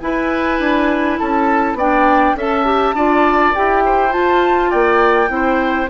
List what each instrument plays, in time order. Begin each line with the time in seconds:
0.00 clarinet E4, bassoon E4, oboe B4, flute G#5
0.60 bassoon D4
1.18 bassoon C#4, oboe A4, flute A5
1.74 bassoon B3, clarinet D4, oboe D5, flute G5
2.36 bassoon C#4, clarinet A4, oboe E5, flute A5
2.65 clarinet G4
2.95 bassoon D4, clarinet F4, oboe D5
3.55 bassoon E4, clarinet G4, flute G5
3.86 oboe C5
4.11 clarinet F4, bassoon F4, flute A5
4.70 bassoon A#3, oboe D5, flute G5
5.29 bassoon C4, clarinet E4
5.35 oboe C5